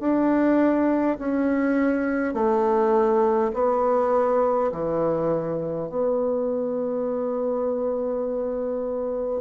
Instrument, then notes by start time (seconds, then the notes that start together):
bassoon
0.00 D4
1.18 C#4
2.34 A3
3.53 B3
4.72 E3
5.89 B3